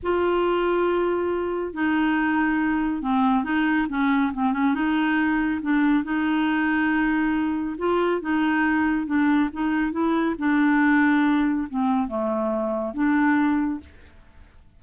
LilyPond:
\new Staff \with { instrumentName = "clarinet" } { \time 4/4 \tempo 4 = 139 f'1 | dis'2. c'4 | dis'4 cis'4 c'8 cis'8 dis'4~ | dis'4 d'4 dis'2~ |
dis'2 f'4 dis'4~ | dis'4 d'4 dis'4 e'4 | d'2. c'4 | a2 d'2 | }